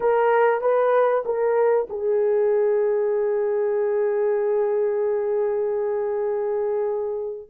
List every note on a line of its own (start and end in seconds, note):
0.00 0.61 A#4
0.61 1.23 B4
1.25 1.87 A#4
1.89 7.49 G#4